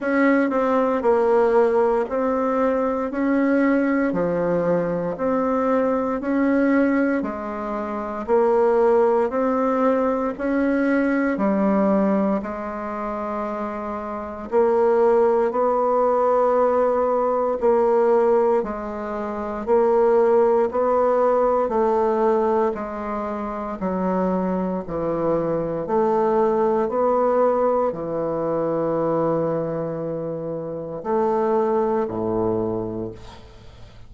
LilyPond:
\new Staff \with { instrumentName = "bassoon" } { \time 4/4 \tempo 4 = 58 cis'8 c'8 ais4 c'4 cis'4 | f4 c'4 cis'4 gis4 | ais4 c'4 cis'4 g4 | gis2 ais4 b4~ |
b4 ais4 gis4 ais4 | b4 a4 gis4 fis4 | e4 a4 b4 e4~ | e2 a4 a,4 | }